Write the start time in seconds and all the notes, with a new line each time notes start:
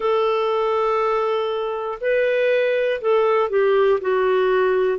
0.00 A4
2.00 B4
3.00 A4
3.50 G4
4.00 F#4